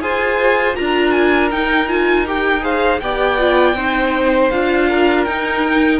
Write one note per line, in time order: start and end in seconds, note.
0.00 0.75 F4
0.00 0.75 G#4
0.00 0.76 C5
0.00 0.75 G#5
0.75 1.51 D4
0.75 1.50 F4
0.75 2.62 A#4
0.75 1.11 A#5
1.11 1.48 G#5
1.51 3.01 D#4
1.51 1.88 D#4
1.51 1.88 G5
1.88 2.25 F4
1.88 2.26 G#5
2.26 2.60 G4
2.26 2.64 G5
2.60 2.98 G#4
2.60 3.00 C5
2.60 3.00 F5
3.00 3.73 B3
3.00 3.38 G4
3.00 3.77 D5
3.00 4.50 G5
3.38 3.75 F4
3.73 4.48 C4
3.73 4.51 D#4
3.73 4.88 C5
4.50 5.26 D4
4.50 5.27 F4
4.50 5.24 F5
4.88 6.00 A#4
5.24 6.00 D#4
5.24 5.99 G5